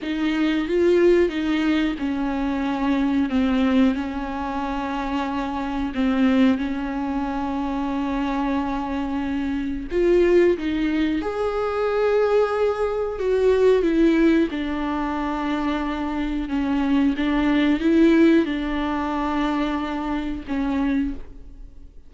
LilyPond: \new Staff \with { instrumentName = "viola" } { \time 4/4 \tempo 4 = 91 dis'4 f'4 dis'4 cis'4~ | cis'4 c'4 cis'2~ | cis'4 c'4 cis'2~ | cis'2. f'4 |
dis'4 gis'2. | fis'4 e'4 d'2~ | d'4 cis'4 d'4 e'4 | d'2. cis'4 | }